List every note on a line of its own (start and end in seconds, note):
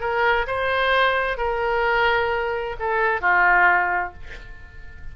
0.00 0.46 A#4
0.47 1.37 C5
1.37 2.76 A#4
2.79 3.21 A4
3.21 4.13 F4